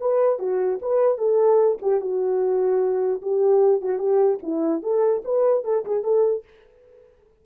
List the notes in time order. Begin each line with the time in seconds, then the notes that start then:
0.00 B4
0.39 F#4
0.82 B4
1.18 A4
1.82 G4
2.01 F#4
3.22 G4
3.81 F#4
3.98 G4
4.42 E4
4.82 A4
5.25 B4
5.64 A4
5.85 G#4
6.03 A4